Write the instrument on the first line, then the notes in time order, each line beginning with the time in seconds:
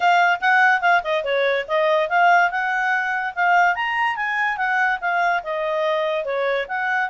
clarinet
0.00 F5
0.40 F#5
0.81 F5
1.03 D#5
1.24 C#5
1.67 D#5
2.09 F5
2.50 F#5
3.35 F5
3.75 A#5
4.16 G#5
4.57 F#5
5.00 F5
5.43 D#5
6.24 C#5
6.67 F#5